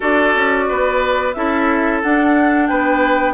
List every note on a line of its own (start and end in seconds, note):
0.00 0.35 D4
0.00 1.32 F#4
0.00 0.64 A4
0.00 1.33 D5
0.35 0.68 C#4
0.68 1.35 B3
0.68 1.35 B4
1.33 2.03 C#4
1.33 2.03 E4
1.33 2.69 A4
1.33 2.01 E5
2.02 3.33 D4
2.02 2.70 D4
2.02 2.67 F#5
2.67 3.33 B3
2.67 3.33 B4
2.67 3.33 G5